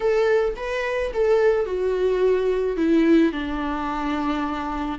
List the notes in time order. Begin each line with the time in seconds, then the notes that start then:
0.00 A4
0.56 B4
1.13 A4
1.65 F#4
2.77 E4
3.32 D4